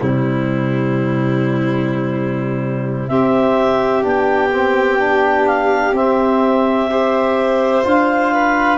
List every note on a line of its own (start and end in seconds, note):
0.00 3.10 C3
0.00 3.09 G3
0.00 3.10 E4
0.00 3.08 C5
3.08 4.03 C4
3.08 4.04 C4
3.08 6.91 G4
3.08 4.04 E5
4.03 5.92 B3
4.03 4.50 D4
4.03 5.48 G5
4.53 4.99 C4
4.99 5.94 D4
5.48 5.95 F5
5.92 7.82 C4
5.92 6.90 C4
5.92 7.87 E5
6.90 7.84 G4
6.90 8.34 C5
7.84 8.78 D4
7.84 8.78 F4
7.84 8.78 F5
8.34 8.78 B4